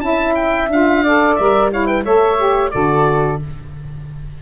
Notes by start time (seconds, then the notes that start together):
0.00 C#4 E4 E5 A5
0.35 G5
0.68 D4 F4 F5
1.03 A4 D5
1.35 G3 A#4 E5
1.71 E4 C#5 F5
1.86 B4 G5
2.04 A3 A4 C#5 E5
2.37 G4
2.70 D3 F#4 A4 D5